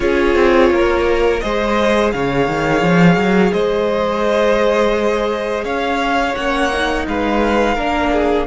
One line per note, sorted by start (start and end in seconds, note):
0.00 0.35 C#4
0.00 1.40 F4
0.00 0.71 G#4
0.00 1.40 C#5
0.35 0.70 C4
0.70 1.41 A#3
0.70 1.43 A#4
1.40 2.13 G#3
1.40 6.35 G#4
1.40 2.13 C5
1.40 2.10 D#5
2.12 2.47 C#3
2.12 3.52 C#5
2.12 3.52 F5
2.47 2.81 D#3
2.81 3.16 F3
3.16 3.51 F#3
3.52 5.64 G#3
3.52 5.64 C5
3.52 5.64 D#5
5.64 6.34 C#4
5.64 7.05 C#5
5.64 6.35 F5
6.35 7.06 A#3
6.35 6.70 C#4
6.35 7.05 F#5
6.72 7.77 D#4
7.07 7.76 G#3
7.07 7.74 B4
7.07 8.46 F5
7.74 8.46 A#3
7.74 8.46 D4
7.74 8.10 A#4
8.11 8.46 G#4